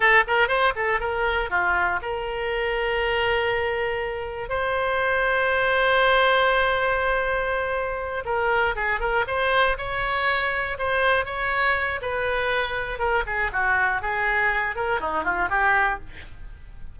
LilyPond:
\new Staff \with { instrumentName = "oboe" } { \time 4/4 \tempo 4 = 120 a'8 ais'8 c''8 a'8 ais'4 f'4 | ais'1~ | ais'4 c''2.~ | c''1~ |
c''8 ais'4 gis'8 ais'8 c''4 cis''8~ | cis''4. c''4 cis''4. | b'2 ais'8 gis'8 fis'4 | gis'4. ais'8 dis'8 f'8 g'4 | }